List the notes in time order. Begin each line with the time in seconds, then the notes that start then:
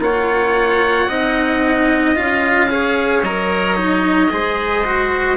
0.00 A#3 F4 C#5 F#5
1.09 C4 D#4 D#5
2.16 C#4 F4 F5
2.70 G#4 C#5
3.23 F#3 A#4 D#5
3.76 D#4
4.31 G#3 G#4 C5
4.85 F#4